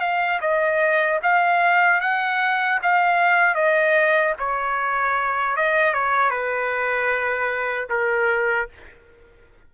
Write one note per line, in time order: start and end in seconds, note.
0.00 0.39 F5
0.41 1.19 D#5
1.23 2.01 F5
2.01 2.80 F#5
2.82 3.55 F5
3.55 4.34 D#5
4.39 5.56 C#5
5.56 5.94 D#5
5.94 6.30 C#5
6.30 7.88 B4
7.89 8.68 A#4